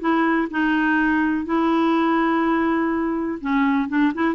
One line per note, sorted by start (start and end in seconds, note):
0.00 0.48 E4
0.51 1.46 D#4
1.46 3.39 E4
3.41 3.89 C#4
3.89 4.13 D4
4.15 4.35 E4